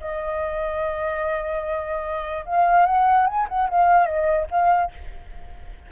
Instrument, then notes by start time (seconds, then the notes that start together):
flute
0.00 D#5
2.45 F5
2.86 F#5
3.27 G#5
3.49 F#5
3.69 F5
4.06 D#5
4.50 F5